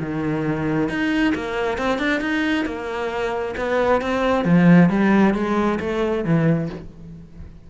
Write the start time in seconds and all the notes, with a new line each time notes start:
0.00 D#3
0.89 D#4
1.35 A#3
1.78 C4
1.99 D4
2.21 D#4
2.66 A#3
3.57 B3
4.02 C4
4.45 F3
4.90 G3
5.34 G#3
5.80 A3
6.25 E3